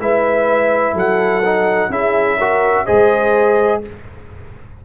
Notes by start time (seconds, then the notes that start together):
0.00 G#3 E4 B4 E5
0.94 F#3 A4 F#5
1.45 D#4
1.90 C#4 E4 G#4 E5
2.38 F#4 A#4
2.86 G#3 G#4 C5 D#5